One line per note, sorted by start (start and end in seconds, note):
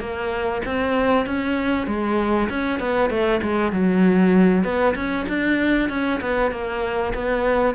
0.00 0.62 A#3
0.65 1.26 C4
1.26 1.87 C#4
1.87 2.49 G#3
2.49 2.80 C#4
2.80 3.10 B3
3.10 3.41 A3
3.42 3.72 G#3
3.72 4.64 F#3
4.64 4.95 B3
4.95 5.26 C#4
5.29 5.90 D4
5.90 6.21 C#4
6.21 6.51 B3
6.51 7.13 A#3
7.14 7.75 B3